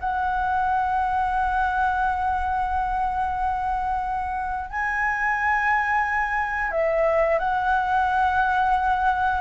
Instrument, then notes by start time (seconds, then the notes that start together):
flute
0.00 F#5
4.70 G#5
6.71 E5
7.39 F#5